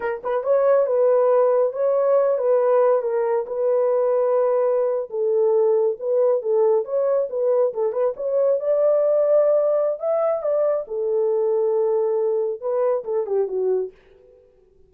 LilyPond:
\new Staff \with { instrumentName = "horn" } { \time 4/4 \tempo 4 = 138 ais'8 b'8 cis''4 b'2 | cis''4. b'4. ais'4 | b'2.~ b'8. a'16~ | a'4.~ a'16 b'4 a'4 cis''16~ |
cis''8. b'4 a'8 b'8 cis''4 d''16~ | d''2. e''4 | d''4 a'2.~ | a'4 b'4 a'8 g'8 fis'4 | }